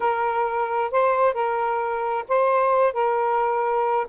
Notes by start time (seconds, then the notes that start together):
0.00 A#4
0.91 C5
1.33 A#4
2.28 C5
2.93 A#4